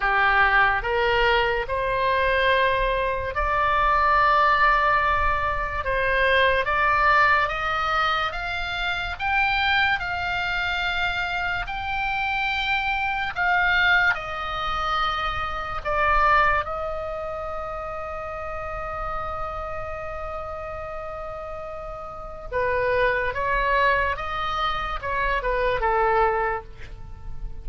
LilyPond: \new Staff \with { instrumentName = "oboe" } { \time 4/4 \tempo 4 = 72 g'4 ais'4 c''2 | d''2. c''4 | d''4 dis''4 f''4 g''4 | f''2 g''2 |
f''4 dis''2 d''4 | dis''1~ | dis''2. b'4 | cis''4 dis''4 cis''8 b'8 a'4 | }